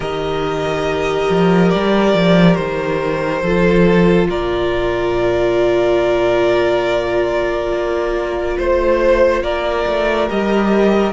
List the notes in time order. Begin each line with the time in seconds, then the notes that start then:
0.00 D#3 G4 A#4 D#5
1.29 F3
1.70 G3 D5
2.14 F3
2.55 D#3 C5
3.42 F3 F4 A4
4.29 A#2 A#4 D5
7.72 A#3
8.57 A3 C5
9.42 A#3 A#4 D5
9.86 A3
10.27 G3 G4 D#5